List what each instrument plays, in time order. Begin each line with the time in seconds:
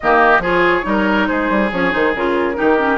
0.00 bassoon D#3, clarinet A#3, oboe G4, flute D#5
0.38 bassoon F3, clarinet F4, oboe G#4
0.46 flute C#5
0.82 bassoon G3, clarinet D#4, oboe A#4
1.27 bassoon G#3, oboe G#4, flute C5
1.49 bassoon G3
1.71 bassoon F3, clarinet C#4, flute C#5
1.90 bassoon D#3, clarinet D#4, flute C5
2.14 bassoon C#3, clarinet F4, flute A#4
2.55 bassoon D#3, clarinet D#4, oboe G4
2.78 clarinet C#4